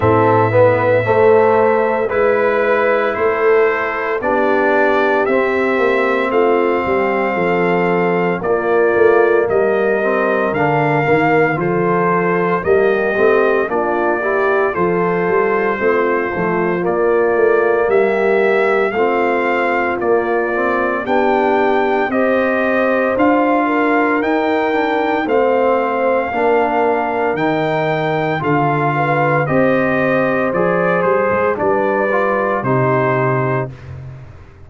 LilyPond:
<<
  \new Staff \with { instrumentName = "trumpet" } { \time 4/4 \tempo 4 = 57 e''2 b'4 c''4 | d''4 e''4 f''2 | d''4 dis''4 f''4 c''4 | dis''4 d''4 c''2 |
d''4 e''4 f''4 d''4 | g''4 dis''4 f''4 g''4 | f''2 g''4 f''4 | dis''4 d''8 c''8 d''4 c''4 | }
  \new Staff \with { instrumentName = "horn" } { \time 4/4 a'8 b'8 c''4 b'4 a'4 | g'2 f'8 g'8 a'4 | f'4 ais'2 a'4 | g'4 f'8 g'8 a'4 f'4~ |
f'4 g'4 f'2 | g'4 c''4. ais'4. | c''4 ais'2 a'8 b'8 | c''2 b'4 g'4 | }
  \new Staff \with { instrumentName = "trombone" } { \time 4/4 c'8 b8 a4 e'2 | d'4 c'2. | ais4. c'8 d'8 ais8 f'4 | ais8 c'8 d'8 e'8 f'4 c'8 a8 |
ais2 c'4 ais8 c'8 | d'4 g'4 f'4 dis'8 d'8 | c'4 d'4 dis'4 f'4 | g'4 gis'4 d'8 f'8 dis'4 | }
  \new Staff \with { instrumentName = "tuba" } { \time 4/4 a,4 a4 gis4 a4 | b4 c'8 ais8 a8 g8 f4 | ais8 a8 g4 d8 dis8 f4 | g8 a8 ais4 f8 g8 a8 f8 |
ais8 a8 g4 a4 ais4 | b4 c'4 d'4 dis'4 | a4 ais4 dis4 d4 | c'4 f8 g16 gis16 g4 c4 | }
>>